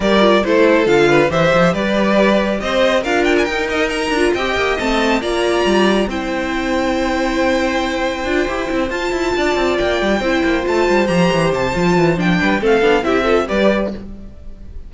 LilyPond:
<<
  \new Staff \with { instrumentName = "violin" } { \time 4/4 \tempo 4 = 138 d''4 c''4 f''4 e''4 | d''2 dis''4 f''8 g''16 gis''16 | g''8 dis''8 ais''4 g''4 a''4 | ais''2 g''2~ |
g''1~ | g''8 a''2 g''4.~ | g''8 a''4 ais''4 a''4. | g''4 f''4 e''4 d''4 | }
  \new Staff \with { instrumentName = "violin" } { \time 4/4 ais'4 a'4. b'8 c''4 | b'2 c''4 ais'4~ | ais'2 dis''2 | d''2 c''2~ |
c''1~ | c''4. d''2 c''8~ | c''1~ | c''8 b'8 a'4 g'8 a'8 b'4 | }
  \new Staff \with { instrumentName = "viola" } { \time 4/4 g'8 f'8 e'4 f'4 g'4~ | g'2. f'4 | dis'4. f'8 g'4 c'4 | f'2 e'2~ |
e'2. f'8 g'8 | e'8 f'2. e'8~ | e'8 f'4 g'4. f'4 | d'4 c'8 d'8 e'8 f'8 g'4 | }
  \new Staff \with { instrumentName = "cello" } { \time 4/4 g4 a4 d4 e8 f8 | g2 c'4 d'4 | dis'4. d'8 c'8 ais8 a4 | ais4 g4 c'2~ |
c'2. d'8 e'8 | c'8 f'8 e'8 d'8 c'8 ais8 g8 c'8 | ais8 a8 g8 f8 e8 c8 f8 e8 | f8 g8 a8 b8 c'4 g4 | }
>>